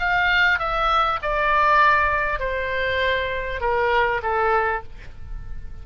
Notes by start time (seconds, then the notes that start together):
0.00 F5
0.59 E5
1.23 D5
2.40 C5
3.61 A#4
4.23 A4